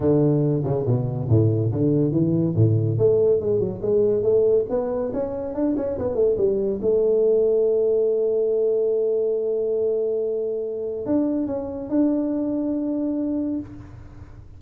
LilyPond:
\new Staff \with { instrumentName = "tuba" } { \time 4/4 \tempo 4 = 141 d4. cis8 b,4 a,4 | d4 e4 a,4 a4 | gis8 fis8 gis4 a4 b4 | cis'4 d'8 cis'8 b8 a8 g4 |
a1~ | a1~ | a2 d'4 cis'4 | d'1 | }